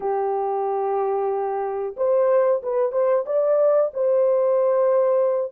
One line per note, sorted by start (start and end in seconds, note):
0.00 1.95 G4
1.96 2.61 C5
2.63 2.92 B4
2.92 3.24 C5
3.25 3.91 D5
3.93 5.52 C5